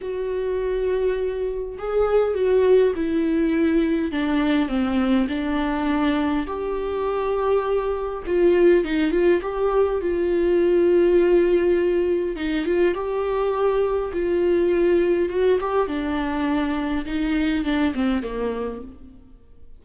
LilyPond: \new Staff \with { instrumentName = "viola" } { \time 4/4 \tempo 4 = 102 fis'2. gis'4 | fis'4 e'2 d'4 | c'4 d'2 g'4~ | g'2 f'4 dis'8 f'8 |
g'4 f'2.~ | f'4 dis'8 f'8 g'2 | f'2 fis'8 g'8 d'4~ | d'4 dis'4 d'8 c'8 ais4 | }